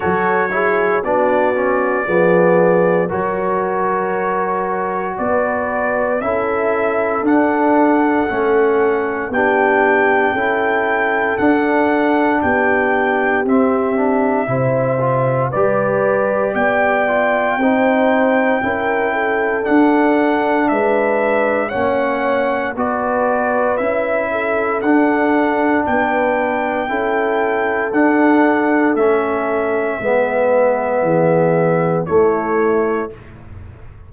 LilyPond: <<
  \new Staff \with { instrumentName = "trumpet" } { \time 4/4 \tempo 4 = 58 cis''4 d''2 cis''4~ | cis''4 d''4 e''4 fis''4~ | fis''4 g''2 fis''4 | g''4 e''2 d''4 |
g''2. fis''4 | e''4 fis''4 d''4 e''4 | fis''4 g''2 fis''4 | e''2. cis''4 | }
  \new Staff \with { instrumentName = "horn" } { \time 4/4 a'8 gis'8 fis'4 gis'4 ais'4~ | ais'4 b'4 a'2~ | a'4 g'4 a'2 | g'2 c''4 b'4 |
d''4 c''4 ais'8 a'4. | b'4 cis''4 b'4. a'8~ | a'4 b'4 a'2~ | a'4 b'4 gis'4 e'4 | }
  \new Staff \with { instrumentName = "trombone" } { \time 4/4 fis'8 e'8 d'8 cis'8 b4 fis'4~ | fis'2 e'4 d'4 | cis'4 d'4 e'4 d'4~ | d'4 c'8 d'8 e'8 f'8 g'4~ |
g'8 f'8 dis'4 e'4 d'4~ | d'4 cis'4 fis'4 e'4 | d'2 e'4 d'4 | cis'4 b2 a4 | }
  \new Staff \with { instrumentName = "tuba" } { \time 4/4 fis4 b4 f4 fis4~ | fis4 b4 cis'4 d'4 | a4 b4 cis'4 d'4 | b4 c'4 c4 g4 |
b4 c'4 cis'4 d'4 | gis4 ais4 b4 cis'4 | d'4 b4 cis'4 d'4 | a4 gis4 e4 a4 | }
>>